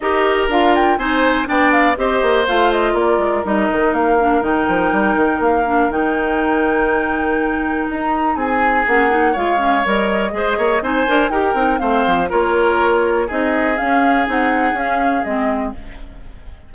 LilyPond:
<<
  \new Staff \with { instrumentName = "flute" } { \time 4/4 \tempo 4 = 122 dis''4 f''8 g''8 gis''4 g''8 f''8 | dis''4 f''8 dis''8 d''4 dis''4 | f''4 g''2 f''4 | g''1 |
ais''4 gis''4 fis''4 f''4 | dis''2 gis''4 g''4 | f''4 cis''2 dis''4 | f''4 fis''4 f''4 dis''4 | }
  \new Staff \with { instrumentName = "oboe" } { \time 4/4 ais'2 c''4 d''4 | c''2 ais'2~ | ais'1~ | ais'1~ |
ais'4 gis'2 cis''4~ | cis''4 c''8 cis''8 c''4 ais'4 | c''4 ais'2 gis'4~ | gis'1 | }
  \new Staff \with { instrumentName = "clarinet" } { \time 4/4 g'4 f'4 dis'4 d'4 | g'4 f'2 dis'4~ | dis'8 d'8 dis'2~ dis'8 d'8 | dis'1~ |
dis'2 cis'8 dis'8 f'8 cis'8 | ais'4 gis'4 dis'8 ais'8 g'8 dis'8 | c'4 f'2 dis'4 | cis'4 dis'4 cis'4 c'4 | }
  \new Staff \with { instrumentName = "bassoon" } { \time 4/4 dis'4 d'4 c'4 b4 | c'8 ais8 a4 ais8 gis8 g8 dis8 | ais4 dis8 f8 g8 dis8 ais4 | dis1 |
dis'4 c'4 ais4 gis4 | g4 gis8 ais8 c'8 d'8 dis'8 c'8 | a8 f8 ais2 c'4 | cis'4 c'4 cis'4 gis4 | }
>>